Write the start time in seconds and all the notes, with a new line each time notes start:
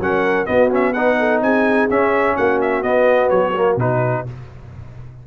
0.00 F#3 C#4 A#4 F#5
0.46 B3 F#4 D#5
0.71 C#4 E5
0.93 D#4 B4 F#5
1.19 A4
1.42 C4 G#4 G#5
1.90 C#4 E5
2.37 A#3 F#4 F#5
2.61 E5
2.83 B3 D#5
3.30 F#3 C#5
3.56 A#3
3.76 B2 D#4 B4